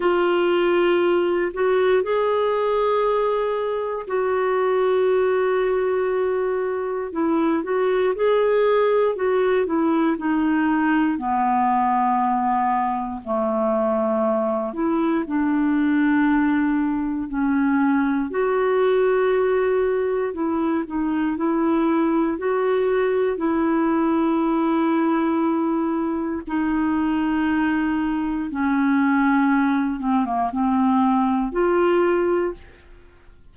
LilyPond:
\new Staff \with { instrumentName = "clarinet" } { \time 4/4 \tempo 4 = 59 f'4. fis'8 gis'2 | fis'2. e'8 fis'8 | gis'4 fis'8 e'8 dis'4 b4~ | b4 a4. e'8 d'4~ |
d'4 cis'4 fis'2 | e'8 dis'8 e'4 fis'4 e'4~ | e'2 dis'2 | cis'4. c'16 ais16 c'4 f'4 | }